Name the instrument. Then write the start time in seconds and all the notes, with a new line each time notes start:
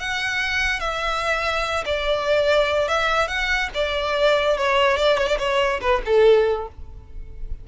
violin
0.00 F#5
0.80 E5
1.85 D5
2.88 E5
3.28 F#5
3.74 D5
4.58 C#5
4.97 D5
5.18 C#5
5.27 D5
5.39 C#5
5.81 B4
6.05 A4